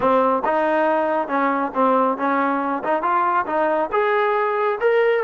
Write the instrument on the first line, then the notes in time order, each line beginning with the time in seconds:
trombone
0.00 C4
0.44 D#4
1.28 C#4
1.74 C4
2.17 C#4
2.84 D#4
3.02 F4
3.46 D#4
3.92 G#4
4.80 A#4